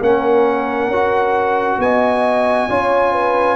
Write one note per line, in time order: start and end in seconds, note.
0.00 0.87 A#3
0.00 0.92 C#4
0.00 1.79 A#4
0.00 1.81 F#5
0.87 1.77 C#4
0.87 2.70 F#4
1.78 2.68 B3
1.78 2.69 D#5
1.78 3.56 G#5
2.69 3.56 C#4
2.69 3.56 F4
2.69 3.12 C#5
3.12 3.56 B4